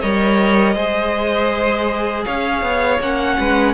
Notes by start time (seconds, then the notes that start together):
0.00 G3 A#4 C#5 D#5
0.75 G#3 G#4 C5
2.25 C#4 C#5 F5
2.63 B3
3.00 A#3 C#4 F#5
3.38 G#3 B4